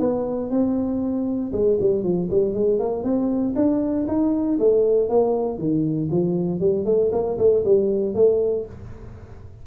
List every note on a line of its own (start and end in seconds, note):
0.00 0.51 B3
0.51 1.53 C4
1.53 1.78 G#3
1.81 2.03 G3
2.03 2.29 F3
2.31 2.54 G3
2.54 2.80 G#3
2.80 3.04 A#3
3.04 3.55 C4
3.56 4.07 D4
4.08 4.59 D#4
4.60 5.10 A3
5.10 5.59 A#3
5.59 6.10 D#3
6.11 6.60 F3
6.60 6.86 G3
6.86 7.11 A3
7.12 7.38 A#3
7.38 7.64 A3
7.65 8.15 G3
8.15 8.66 A3